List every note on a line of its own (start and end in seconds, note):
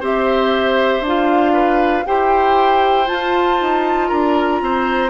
0.00 1.01 C4
0.00 1.03 G4
0.00 1.53 C5
0.00 1.06 E5
1.01 2.02 D4
1.01 2.05 F4
1.08 2.06 F5
1.53 2.04 B4
2.05 3.09 E4
2.05 3.06 G4
2.05 4.08 C5
2.05 3.08 G5
3.06 5.09 F4
3.06 3.60 F4
3.06 4.09 A5
3.60 4.11 D#4
4.08 4.61 D4
4.08 4.59 A#4
4.08 5.10 A#5
4.61 5.10 C4
4.61 5.10 C5